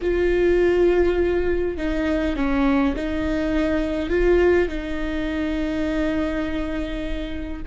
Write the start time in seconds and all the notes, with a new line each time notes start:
0.01 F4
1.77 D#4
2.36 C#4
2.96 D#4
4.09 F4
4.68 D#4